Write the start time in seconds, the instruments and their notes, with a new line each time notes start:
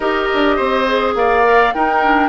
0.00 bassoon D#4, clarinet G4, oboe A#4, flute D#5
0.33 bassoon D4
0.56 bassoon C4, oboe C5
0.87 clarinet G#4
1.14 bassoon A#3, oboe D5, flute F5
1.44 clarinet A#4
1.73 clarinet D#4, bassoon D#4, oboe A#4, flute G5
2.03 clarinet D4